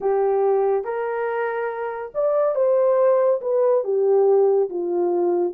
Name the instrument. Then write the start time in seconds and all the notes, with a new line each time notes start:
horn
0.00 G4
0.84 A#4
2.14 D5
2.55 C5
3.41 B4
3.84 G4
4.69 F4